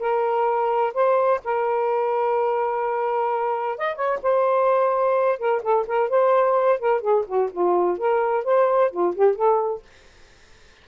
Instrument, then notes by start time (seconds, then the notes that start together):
saxophone
0.00 A#4
0.94 C5
1.45 A#4
3.78 D#5
3.96 C#5
4.23 C5
5.39 A#4
5.63 A4
5.87 A#4
6.10 C5
6.80 A#4
7.01 G#4
7.27 F#4
7.52 F4
7.98 A#4
8.45 C5
8.92 F4
9.16 G4
9.36 A4